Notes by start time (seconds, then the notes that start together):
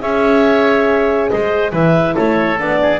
0.00 C#4 G#4 C#5 E5
1.29 G#3 C5 D#5
1.72 E3 E4 B4 E5
2.14 A3 A4 C#5
2.58 B3 D4 D5
2.82 G#4